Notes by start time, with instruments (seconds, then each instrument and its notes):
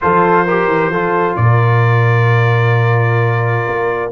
0.01 tuba F3, trombone F4, horn A4, trumpet C5
0.45 trombone G4, horn A#4
0.66 tuba E3
0.89 tuba F3, trombone F4, horn A4
1.36 tuba A#2, horn A#4, trumpet D5
3.66 tuba A#3